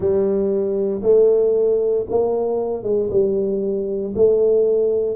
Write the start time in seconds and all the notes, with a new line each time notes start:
0.00 G3
1.02 A3
2.09 A#3
2.83 G#3
3.10 G3
4.15 A3